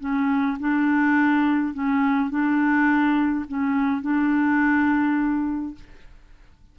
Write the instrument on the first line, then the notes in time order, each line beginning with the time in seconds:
clarinet
0.00 C#4
0.60 D4
1.74 C#4
2.30 D4
3.48 C#4
4.02 D4